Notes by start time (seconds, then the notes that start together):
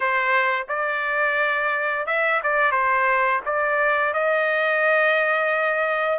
0.00 C5
0.68 D5
2.06 E5
2.43 D5
2.71 C5
3.45 D5
4.13 D#5